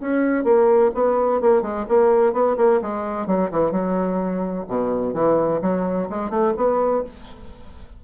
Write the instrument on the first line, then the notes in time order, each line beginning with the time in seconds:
bassoon
0.00 C#4
0.44 A#3
0.94 B3
1.41 A#3
1.62 G#3
1.88 A#3
2.32 B3
2.57 A#3
2.81 G#3
3.26 F#3
3.51 E3
3.71 F#3
4.68 B2
5.13 E3
5.61 F#3
6.09 G#3
6.29 A3
6.56 B3